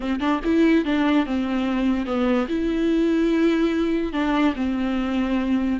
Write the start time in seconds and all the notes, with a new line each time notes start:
0.00 C4
0.20 D4
0.44 E4
0.84 D4
1.26 C4
2.06 B3
2.48 E4
4.12 D4
4.55 C4